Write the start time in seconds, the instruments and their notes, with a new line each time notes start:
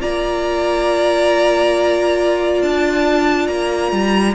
0.00 cello A#3, viola F4, violin D5 A#5
2.62 cello D4, violin A5
3.47 cello A#3, violin A#5
3.92 cello G3